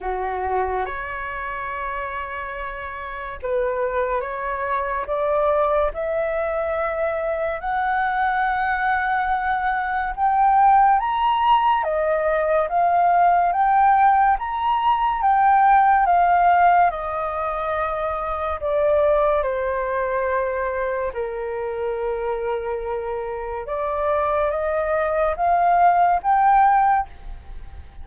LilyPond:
\new Staff \with { instrumentName = "flute" } { \time 4/4 \tempo 4 = 71 fis'4 cis''2. | b'4 cis''4 d''4 e''4~ | e''4 fis''2. | g''4 ais''4 dis''4 f''4 |
g''4 ais''4 g''4 f''4 | dis''2 d''4 c''4~ | c''4 ais'2. | d''4 dis''4 f''4 g''4 | }